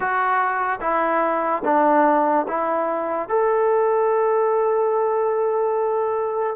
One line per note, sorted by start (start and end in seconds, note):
0.00 0.79 F#4
0.80 1.63 E4
1.64 2.46 D4
2.48 3.28 E4
3.28 6.56 A4